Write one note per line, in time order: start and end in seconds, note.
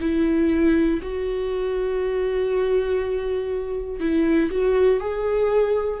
0.00 1.00 E4
1.02 4.00 F#4
4.00 4.50 E4
4.50 5.00 F#4
5.00 6.00 G#4